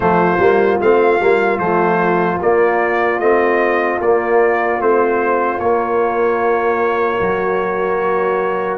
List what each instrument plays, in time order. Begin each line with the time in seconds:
0.00 tuba F3, trombone A3, horn F4, trumpet C5
0.38 tuba G3, trombone A#3
0.81 tuba A3, trombone C4, trumpet F5
1.19 tuba G3, trombone A#3
1.58 tuba F3, trombone A3, trumpet C5
2.41 trombone A#3, tuba A#3, trumpet D5
3.19 tuba A3, trombone C4, trumpet D#5
4.00 tuba A#3, trombone A#3, trumpet D5
4.79 tuba A3, trombone C4, trumpet C5
5.59 tuba A#3, trombone A#3, trumpet C#5
7.19 tuba F#3, horn F#4